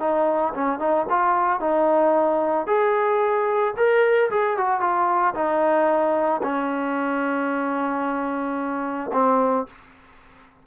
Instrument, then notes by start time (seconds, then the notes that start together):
trombone
0.00 D#4
0.54 C#4
0.80 D#4
1.10 F4
1.60 D#4
2.67 G#4
3.77 A#4
4.31 G#4
4.58 F#4
4.81 F4
5.34 D#4
6.43 C#4
9.13 C4